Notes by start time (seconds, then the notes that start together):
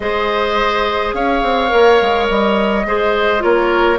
0.00 G#3 G#4 C5 D#5
1.13 C#4 C#5 F5
1.42 C4
1.68 A#3 A#4
2.01 G#3
2.28 G3 D#5
2.85 G#3 G#4 C5
3.39 A#3 F4 A#4 C#5